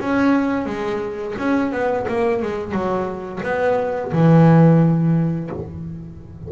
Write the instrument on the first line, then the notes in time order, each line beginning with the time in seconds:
double bass
0.00 C#4
0.66 G#3
1.38 C#4
1.72 B3
2.08 A#3
2.42 G#3
2.72 F#3
3.43 B3
4.13 E3